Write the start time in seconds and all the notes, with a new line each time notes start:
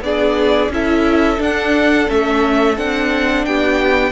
0.00 B3 D4 G#4 D5
0.69 C#4 E4 A4 E5
1.38 D4 F#5
2.08 A3 C#4 E5
2.77 C4 D4 F#5
3.45 B3 G4 G5